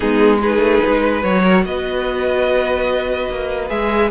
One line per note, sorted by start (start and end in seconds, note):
0.00 0.58 G#3
0.00 0.40 B3
0.00 0.40 D#4
0.00 0.38 G#4
0.41 1.21 D#4
0.41 1.00 G#4
0.41 1.22 B4
0.58 0.78 A3
0.87 1.24 G#3
1.00 1.41 B4
1.21 1.65 F#3
1.21 3.68 F#4
1.21 1.63 C#5
1.43 1.64 A#4
1.65 3.29 B3
1.65 4.10 B4
1.65 3.69 D#5
3.30 3.70 A#3
3.68 4.10 G#3
3.68 4.09 G#4
3.68 4.10 E5